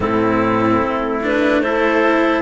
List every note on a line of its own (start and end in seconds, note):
0.00 0.81 A2
0.00 1.20 C4
0.00 1.63 E4
0.00 1.19 A4
0.82 2.41 A3
1.22 1.63 D4
1.22 1.61 B4
1.61 2.41 E4
1.61 2.41 A4
1.61 2.41 C5